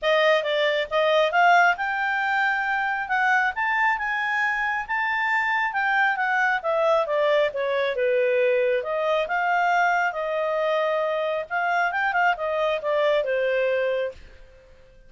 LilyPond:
\new Staff \with { instrumentName = "clarinet" } { \time 4/4 \tempo 4 = 136 dis''4 d''4 dis''4 f''4 | g''2. fis''4 | a''4 gis''2 a''4~ | a''4 g''4 fis''4 e''4 |
d''4 cis''4 b'2 | dis''4 f''2 dis''4~ | dis''2 f''4 g''8 f''8 | dis''4 d''4 c''2 | }